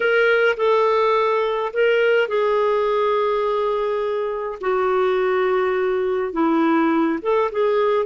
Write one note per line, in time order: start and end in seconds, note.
0.00 0.56 A#4
0.56 1.72 A4
1.73 2.28 A#4
2.28 4.58 G#4
4.60 6.33 F#4
6.33 7.19 E4
7.22 7.51 A4
7.51 8.06 G#4